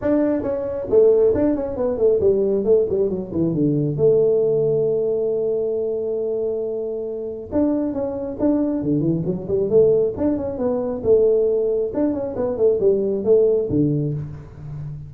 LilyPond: \new Staff \with { instrumentName = "tuba" } { \time 4/4 \tempo 4 = 136 d'4 cis'4 a4 d'8 cis'8 | b8 a8 g4 a8 g8 fis8 e8 | d4 a2.~ | a1~ |
a4 d'4 cis'4 d'4 | d8 e8 fis8 g8 a4 d'8 cis'8 | b4 a2 d'8 cis'8 | b8 a8 g4 a4 d4 | }